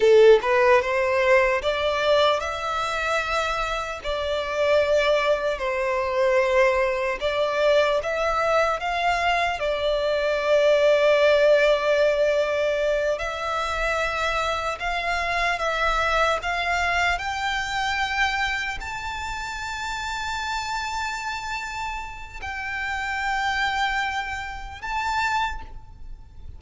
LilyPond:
\new Staff \with { instrumentName = "violin" } { \time 4/4 \tempo 4 = 75 a'8 b'8 c''4 d''4 e''4~ | e''4 d''2 c''4~ | c''4 d''4 e''4 f''4 | d''1~ |
d''8 e''2 f''4 e''8~ | e''8 f''4 g''2 a''8~ | a''1 | g''2. a''4 | }